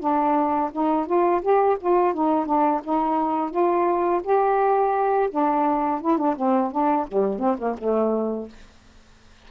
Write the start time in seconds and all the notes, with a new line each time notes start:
0.00 D4
0.72 D#4
1.06 F4
1.42 G4
1.80 F4
2.14 D#4
2.46 D4
2.84 D#4
3.51 F4
4.24 G4
5.31 D4
6.01 E4
6.18 D4
6.36 C4
6.72 D4
7.07 G3
7.39 C4
7.59 A#3
7.78 A3